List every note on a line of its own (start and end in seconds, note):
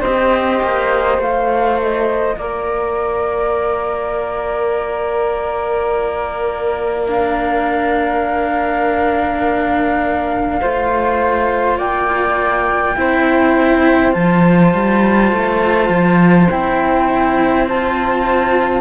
0.00 0.61 C4
0.00 1.21 G4
0.00 2.35 C5
0.00 1.20 D#5
0.62 1.18 A#3
1.18 2.36 A3
1.18 7.08 F4
1.18 1.80 F5
1.81 2.37 D#5
2.37 10.61 A#3
2.37 10.61 A#4
2.37 7.08 D5
7.08 10.61 D4
7.08 11.78 F5
10.61 11.77 A3
10.61 12.95 F4
10.61 11.77 C5
11.77 12.95 A#3
11.77 12.95 D5
11.77 14.12 G5
12.95 14.14 C4
12.95 14.12 E4
12.95 18.81 C5
14.12 14.73 F3
14.12 16.47 F4
14.12 16.48 A5
14.73 15.32 G3
15.32 15.89 A3
15.89 16.48 F3
16.49 18.81 C4
16.49 17.68 E4
16.49 17.67 G5
17.68 18.81 F4
17.68 18.81 A5